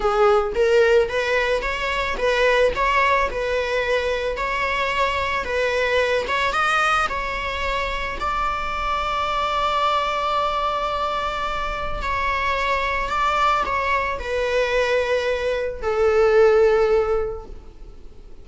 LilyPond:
\new Staff \with { instrumentName = "viola" } { \time 4/4 \tempo 4 = 110 gis'4 ais'4 b'4 cis''4 | b'4 cis''4 b'2 | cis''2 b'4. cis''8 | dis''4 cis''2 d''4~ |
d''1~ | d''2 cis''2 | d''4 cis''4 b'2~ | b'4 a'2. | }